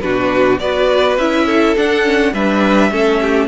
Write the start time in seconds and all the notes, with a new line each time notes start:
0.00 B2 D4 F#4 B4
0.59 B3 F#4 B4 D5
1.17 C#4 E4 E5
1.45 A4
1.76 D4 F#5
2.03 C#4
2.33 G3 D4 B4 E5
2.91 A3 C#4 A4
3.21 G4